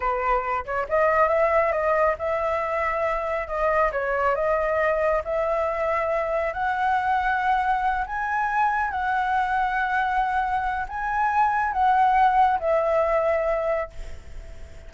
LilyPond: \new Staff \with { instrumentName = "flute" } { \time 4/4 \tempo 4 = 138 b'4. cis''8 dis''4 e''4 | dis''4 e''2. | dis''4 cis''4 dis''2 | e''2. fis''4~ |
fis''2~ fis''8 gis''4.~ | gis''8 fis''2.~ fis''8~ | fis''4 gis''2 fis''4~ | fis''4 e''2. | }